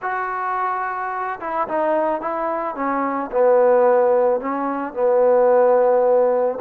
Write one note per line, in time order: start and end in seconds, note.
0.02 1.39 F#4
1.40 1.67 E4
1.68 2.21 D#4
2.21 2.75 E4
2.75 3.30 C#4
3.31 4.40 B3
4.40 4.93 C#4
4.93 6.58 B3